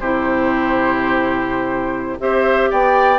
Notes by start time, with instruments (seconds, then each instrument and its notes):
0.00 bassoon C3, clarinet E4, oboe G4, flute C5
2.20 bassoon C4, clarinet G4, oboe C5, flute E5
2.70 bassoon B3, oboe D5, flute G5